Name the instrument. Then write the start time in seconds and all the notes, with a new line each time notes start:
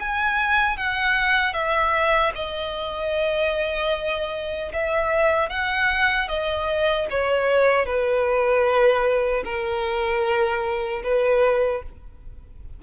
violin
0.00 G#5
0.77 F#5
1.54 E5
2.35 D#5
4.73 E5
5.50 F#5
6.29 D#5
7.11 C#5
7.86 B4
9.45 A#4
11.04 B4